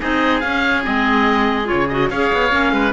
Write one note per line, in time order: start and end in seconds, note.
0.00 0.44 C4
0.00 0.42 D#4
0.00 2.10 G#4
0.00 0.40 D#5
0.40 0.85 C#4
0.40 0.83 C#4
0.40 0.82 F5
0.83 1.71 G#3
0.83 1.64 C4
0.83 1.68 D#5
1.64 1.85 F4
1.64 1.88 C#5
1.72 2.10 C#3
1.88 2.12 F#4
1.88 2.09 D#5
2.10 2.31 C#4
2.10 2.49 G#4
2.10 2.73 C#5
2.10 2.93 F5
2.33 2.52 B3
2.49 2.72 A#3
2.49 2.91 C#4
2.72 2.93 G#3
2.72 2.93 B4